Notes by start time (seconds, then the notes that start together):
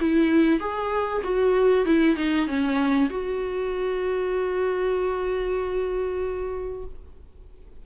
0.00 E4
0.60 G#4
1.24 F#4
1.85 E4
2.16 D#4
2.47 C#4
3.10 F#4